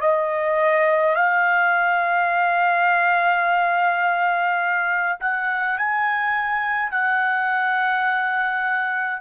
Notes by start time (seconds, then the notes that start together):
0.00 D#5
1.15 F5
5.20 F#5
5.77 G#5
6.91 F#5